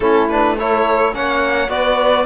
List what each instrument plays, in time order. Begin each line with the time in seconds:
0.00 cello A3, trombone C#4, saxophone E4, violin A4
0.28 trombone D4, violin B4
0.59 trombone E4, saxophone A4, violin C#5
1.13 cello A#3, trombone C#4, saxophone C#5, violin F#5
1.68 cello B3, trombone F#4, saxophone B4, violin D5